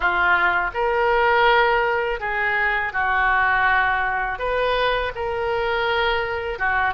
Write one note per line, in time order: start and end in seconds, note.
0.00 0.71 F4
0.74 2.20 A#4
2.20 2.92 G#4
2.92 4.38 F#4
4.38 5.12 B4
5.15 6.59 A#4
6.59 6.94 F#4